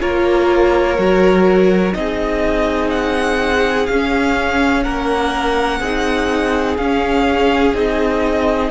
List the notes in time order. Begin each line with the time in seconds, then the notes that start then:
0.00 A#3 F4 A#4 C#5
0.97 F#3 F#4
1.93 C4 D#4 D#5
1.99 G#4
2.90 F#5
3.86 C#4 F5
3.93 C#4
4.83 A#3 A#4 F#5
5.80 C4 D#4 G#4
6.77 C#4 F5
7.73 C4 D#4 D#5